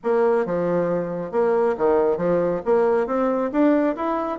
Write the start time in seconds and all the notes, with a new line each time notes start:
0.03 A#3
0.45 F3
1.31 A#3
1.77 D#3
2.17 F3
2.65 A#3
3.07 C4
3.52 D4
3.95 E4